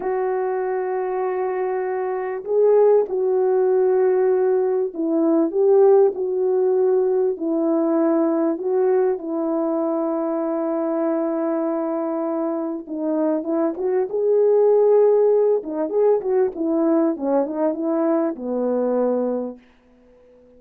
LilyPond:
\new Staff \with { instrumentName = "horn" } { \time 4/4 \tempo 4 = 98 fis'1 | gis'4 fis'2. | e'4 g'4 fis'2 | e'2 fis'4 e'4~ |
e'1~ | e'4 dis'4 e'8 fis'8 gis'4~ | gis'4. dis'8 gis'8 fis'8 e'4 | cis'8 dis'8 e'4 b2 | }